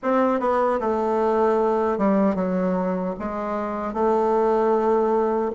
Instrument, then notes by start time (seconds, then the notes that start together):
bassoon
0.02 C4
0.39 B3
0.80 A3
1.98 G3
2.35 F#3
3.19 G#3
3.93 A3